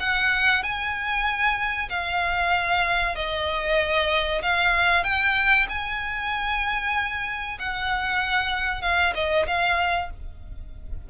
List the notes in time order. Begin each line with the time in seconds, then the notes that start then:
0.00 F#5
0.63 G#5
1.89 F5
3.16 D#5
4.42 F5
5.04 G5
5.69 G#5
7.59 F#5
8.82 F5
9.15 D#5
9.47 F5